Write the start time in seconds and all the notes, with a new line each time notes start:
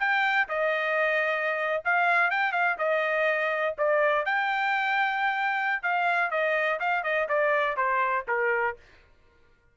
0.00 G5
0.49 D#5
1.85 F5
2.31 G5
2.53 F5
2.79 D#5
3.78 D5
4.26 G5
5.83 F5
6.31 D#5
6.80 F5
7.04 D#5
7.29 D5
7.77 C5
8.28 A#4